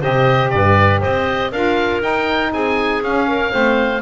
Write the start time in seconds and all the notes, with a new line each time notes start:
0.00 C3 G4 C5 D#5
0.50 G2 B4 D5
1.00 C4 C5 D#5
1.51 D4 F4 A#4 F5
2.01 D#4 G5
2.53 C4 G#4 G#5
3.02 C#4 F5
3.27 A#4
3.51 A3 C4 C5